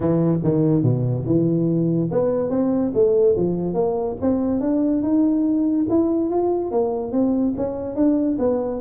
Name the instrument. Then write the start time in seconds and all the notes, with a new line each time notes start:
tuba
0.00 E3
0.43 D#3
0.83 B2
1.25 E3
2.11 B3
2.50 C4
2.94 A3
3.36 F3
3.74 A#3
4.21 C4
4.60 D4
5.02 D#4
5.89 E4
6.30 F4
6.71 A#3
7.12 C4
7.57 C#4
7.95 D4
8.38 B3